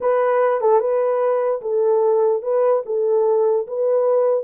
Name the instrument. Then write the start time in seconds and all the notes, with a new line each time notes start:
horn
0.00 B4
0.61 A4
0.80 B4
1.61 A4
2.42 B4
2.85 A4
3.67 B4